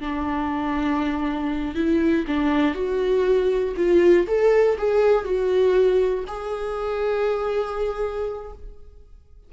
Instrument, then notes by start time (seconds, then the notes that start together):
viola
0.00 D4
1.75 E4
2.27 D4
2.75 F#4
3.76 F4
4.27 A4
4.78 G#4
5.24 F#4
6.27 G#4